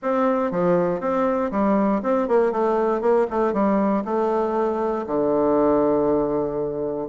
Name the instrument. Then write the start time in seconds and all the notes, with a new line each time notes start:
bassoon
0.02 C4
0.51 F3
1.00 C4
1.51 G3
2.02 C4
2.28 A#3
2.52 A3
3.01 A#3
3.30 A3
3.53 G3
4.04 A3
5.06 D3